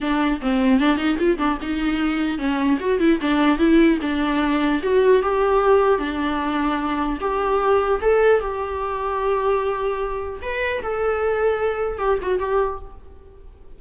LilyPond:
\new Staff \with { instrumentName = "viola" } { \time 4/4 \tempo 4 = 150 d'4 c'4 d'8 dis'8 f'8 d'8 | dis'2 cis'4 fis'8 e'8 | d'4 e'4 d'2 | fis'4 g'2 d'4~ |
d'2 g'2 | a'4 g'2.~ | g'2 b'4 a'4~ | a'2 g'8 fis'8 g'4 | }